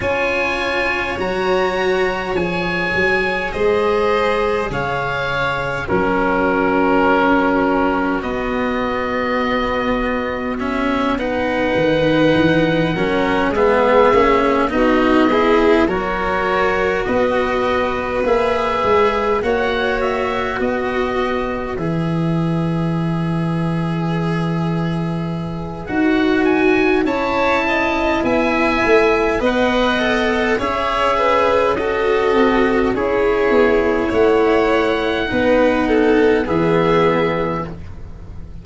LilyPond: <<
  \new Staff \with { instrumentName = "oboe" } { \time 4/4 \tempo 4 = 51 gis''4 ais''4 gis''4 dis''4 | f''4 ais'2 dis''4~ | dis''4 e''8 fis''2 e''8~ | e''8 dis''4 cis''4 dis''4 e''8~ |
e''8 fis''8 e''8 dis''4 e''4.~ | e''2 fis''8 gis''8 a''4 | gis''4 fis''4 e''4 dis''4 | cis''4 fis''2 e''4 | }
  \new Staff \with { instrumentName = "violin" } { \time 4/4 cis''2. c''4 | cis''4 fis'2.~ | fis'4. b'4. ais'8 gis'8~ | gis'8 fis'8 gis'8 ais'4 b'4.~ |
b'8 cis''4 b'2~ b'8~ | b'2. cis''8 dis''8 | e''4 dis''4 cis''8 b'8 a'4 | gis'4 cis''4 b'8 a'8 gis'4 | }
  \new Staff \with { instrumentName = "cello" } { \time 4/4 f'4 fis'4 gis'2~ | gis'4 cis'2 b4~ | b4 cis'8 dis'4. cis'8 b8 | cis'8 dis'8 e'8 fis'2 gis'8~ |
gis'8 fis'2 gis'4.~ | gis'2 fis'4 e'4~ | e'4 b'8 a'8 gis'4 fis'4 | e'2 dis'4 b4 | }
  \new Staff \with { instrumentName = "tuba" } { \time 4/4 cis'4 fis4 f8 fis8 gis4 | cis4 fis2 b4~ | b2 dis8 e8 fis8 gis8 | ais8 b4 fis4 b4 ais8 |
gis8 ais4 b4 e4.~ | e2 dis'4 cis'4 | b8 a8 b4 cis'4. c'8 | cis'8 b8 a4 b4 e4 | }
>>